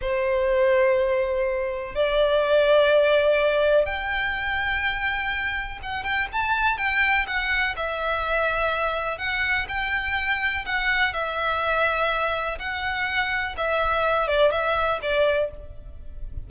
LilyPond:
\new Staff \with { instrumentName = "violin" } { \time 4/4 \tempo 4 = 124 c''1 | d''1 | g''1 | fis''8 g''8 a''4 g''4 fis''4 |
e''2. fis''4 | g''2 fis''4 e''4~ | e''2 fis''2 | e''4. d''8 e''4 d''4 | }